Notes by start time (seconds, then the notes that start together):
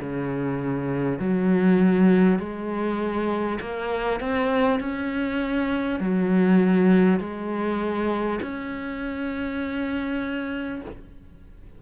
0.00 C#3
1.19 F#3
2.39 G#3
3.61 A#3
4.20 C4
4.79 C#4
5.99 F#3
7.19 G#3
8.42 C#4